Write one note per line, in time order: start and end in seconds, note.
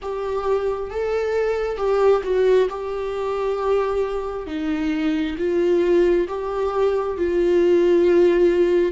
0.02 0.90 G4
0.90 1.77 A4
1.77 2.21 G4
2.23 2.68 F#4
2.69 4.47 G4
4.47 5.36 D#4
5.37 6.27 F4
6.28 7.17 G4
7.17 8.91 F4